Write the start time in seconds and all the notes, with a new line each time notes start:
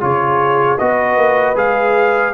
0.00 C#3 F4 G#4 C#5
0.78 B3 F#4 B4 D#5
1.16 A#3
1.55 G#3 G#4 F5